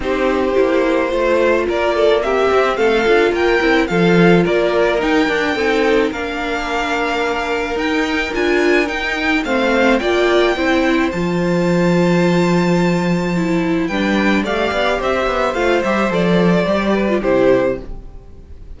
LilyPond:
<<
  \new Staff \with { instrumentName = "violin" } { \time 4/4 \tempo 4 = 108 c''2. d''4 | e''4 f''4 g''4 f''4 | d''4 g''2 f''4~ | f''2 g''4 gis''4 |
g''4 f''4 g''2 | a''1~ | a''4 g''4 f''4 e''4 | f''8 e''8 d''2 c''4 | }
  \new Staff \with { instrumentName = "violin" } { \time 4/4 g'2 c''4 ais'8 a'8 | g'4 a'4 ais'4 a'4 | ais'2 a'4 ais'4~ | ais'1~ |
ais'4 c''4 d''4 c''4~ | c''1~ | c''4 b'4 d''4 c''4~ | c''2~ c''8 b'8 g'4 | }
  \new Staff \with { instrumentName = "viola" } { \time 4/4 dis'4 e'4 f'2 | c'4. f'4 e'8 f'4~ | f'4 dis'8 d'8 dis'4 d'4~ | d'2 dis'4 f'4 |
dis'4 c'4 f'4 e'4 | f'1 | e'4 d'4 g'2 | f'8 g'8 a'4 g'8. f'16 e'4 | }
  \new Staff \with { instrumentName = "cello" } { \time 4/4 c'4 ais4 a4 ais4~ | ais8 c'8 a8 d'8 ais8 c'8 f4 | ais4 dis'8 d'8 c'4 ais4~ | ais2 dis'4 d'4 |
dis'4 a4 ais4 c'4 | f1~ | f4 g4 a8 b8 c'8 b8 | a8 g8 f4 g4 c4 | }
>>